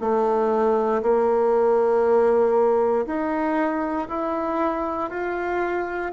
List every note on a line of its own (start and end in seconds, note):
0.00 1.02 A3
1.02 3.05 A#3
3.06 4.08 D#4
4.08 5.09 E4
5.09 6.11 F4